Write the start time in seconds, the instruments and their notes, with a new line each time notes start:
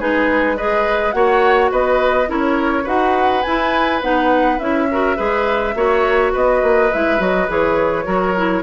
0.00 bassoon G#3, clarinet D#4, oboe G#4, flute B4
0.57 clarinet G#4, oboe B4, flute D#5
1.12 bassoon A#3, clarinet F#4, oboe C#5, flute F#5
1.71 bassoon B3, oboe B4, flute D#5
2.27 bassoon C#4, clarinet E4, oboe A#4, flute C#5
2.84 bassoon D#4, clarinet F#4, oboe B4, flute F#5
3.43 bassoon E4, clarinet E4, flute G#5
4.02 bassoon B3, clarinet D#4, flute F#5
4.59 bassoon C#4, clarinet E4, flute E5
4.91 clarinet F#4, oboe A#4
5.17 bassoon G#3, clarinet G#4, oboe B4
5.75 bassoon A#3, clarinet F#4, oboe C#5
6.33 bassoon B3, oboe B4, flute D#5
6.63 bassoon A#3
6.93 bassoon G#3, clarinet E4, flute E5
7.19 bassoon F#3, clarinet F#4, flute D#5
7.48 bassoon E3, clarinet G#4, flute C#5
8.05 bassoon F#3, clarinet F#4, oboe A#4
8.37 clarinet E4